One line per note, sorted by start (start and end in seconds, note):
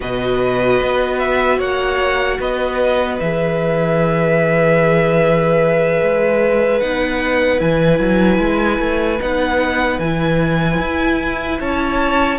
0.00 0.80 B2
0.00 3.19 F#4
0.00 1.58 B4
0.00 1.19 D#5
0.82 1.58 B3
1.19 1.59 E5
1.58 2.38 A#3
1.58 2.38 C#5
1.58 2.40 F#5
2.39 3.19 B3
2.39 11.59 B4
2.39 3.20 D#5
3.20 6.00 E3
3.20 6.80 G#4
3.20 6.80 E5
6.02 6.82 G#3
6.80 7.60 B3
6.80 7.58 D#4
6.80 7.60 F#5
7.58 7.99 E3
7.58 9.18 E4
7.58 9.20 G#5
7.99 8.38 F#3
8.38 8.78 G#3
8.79 9.19 A3
9.21 9.99 B3
9.21 10.01 D#4
9.21 9.99 F#5
9.99 10.79 E3
9.99 12.38 E4
9.99 11.59 G#5
10.79 11.59 E4
11.59 12.38 C#4
11.59 12.38 C#5
11.59 12.38 A5